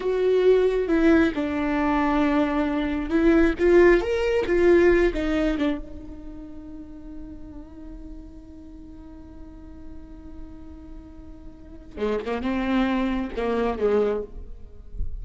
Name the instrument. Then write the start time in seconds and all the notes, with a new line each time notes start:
viola
0.00 F#4
0.88 E4
1.34 D4
3.09 E4
3.58 F4
4.01 A#4
4.46 F4
5.13 D#4
5.58 D4
5.78 D#4
11.97 G#3
12.25 A#3
12.41 C4
13.36 A#3
13.78 G#3